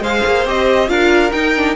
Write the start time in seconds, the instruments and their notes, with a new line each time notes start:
0.00 cello G#3, viola G#4, violin C5 F5
0.27 cello A#3
0.45 cello C4, viola G4, violin D#5
0.87 cello D4, viola F4, violin A#4 F5
1.32 viola D#4, cello D#4, violin G5
1.56 viola D4